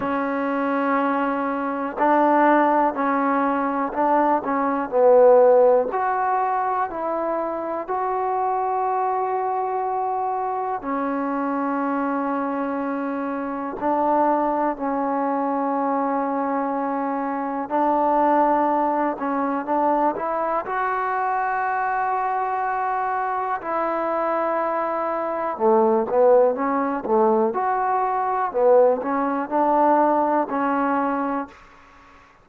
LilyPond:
\new Staff \with { instrumentName = "trombone" } { \time 4/4 \tempo 4 = 61 cis'2 d'4 cis'4 | d'8 cis'8 b4 fis'4 e'4 | fis'2. cis'4~ | cis'2 d'4 cis'4~ |
cis'2 d'4. cis'8 | d'8 e'8 fis'2. | e'2 a8 b8 cis'8 a8 | fis'4 b8 cis'8 d'4 cis'4 | }